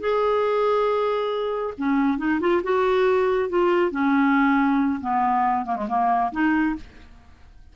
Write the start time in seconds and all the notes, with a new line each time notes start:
0.00 G#4
1.77 C#4
2.18 D#4
2.40 F4
2.63 F#4
3.49 F4
3.91 C#4
5.01 B3
5.65 A#3
5.76 G#3
5.88 A#3
6.32 D#4